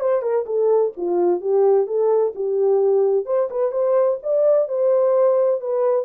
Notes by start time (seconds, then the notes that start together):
0.00 C5
0.22 A#4
0.46 A4
0.97 F4
1.41 G4
1.86 A4
2.35 G4
3.26 C5
3.50 B4
3.72 C5
4.23 D5
4.68 C5
5.60 B4